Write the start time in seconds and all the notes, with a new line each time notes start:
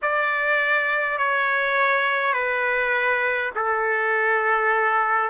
0.02 D5
1.18 C#5
2.33 B4
3.55 A4